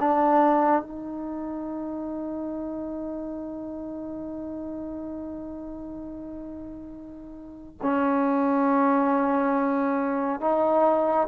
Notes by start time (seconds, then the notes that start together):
0.00 D4
0.82 D#4
7.82 C#4
10.41 D#4